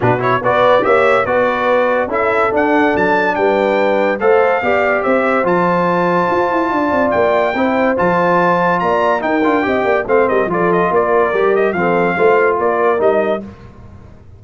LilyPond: <<
  \new Staff \with { instrumentName = "trumpet" } { \time 4/4 \tempo 4 = 143 b'8 cis''8 d''4 e''4 d''4~ | d''4 e''4 fis''4 a''4 | g''2 f''2 | e''4 a''2.~ |
a''4 g''2 a''4~ | a''4 ais''4 g''2 | f''8 dis''8 d''8 dis''8 d''4. dis''8 | f''2 d''4 dis''4 | }
  \new Staff \with { instrumentName = "horn" } { \time 4/4 fis'4 b'4 cis''4 b'4~ | b'4 a'2. | b'2 c''4 d''4 | c''1 |
d''2 c''2~ | c''4 d''4 ais'4 dis''8 d''8 | c''8 ais'8 a'4 ais'2 | a'4 c''4 ais'2 | }
  \new Staff \with { instrumentName = "trombone" } { \time 4/4 d'8 e'8 fis'4 g'4 fis'4~ | fis'4 e'4 d'2~ | d'2 a'4 g'4~ | g'4 f'2.~ |
f'2 e'4 f'4~ | f'2 dis'8 f'8 g'4 | c'4 f'2 g'4 | c'4 f'2 dis'4 | }
  \new Staff \with { instrumentName = "tuba" } { \time 4/4 b,4 b4 ais4 b4~ | b4 cis'4 d'4 fis4 | g2 a4 b4 | c'4 f2 f'8 e'8 |
d'8 c'8 ais4 c'4 f4~ | f4 ais4 dis'8 d'8 c'8 ais8 | a8 g8 f4 ais4 g4 | f4 a4 ais4 g4 | }
>>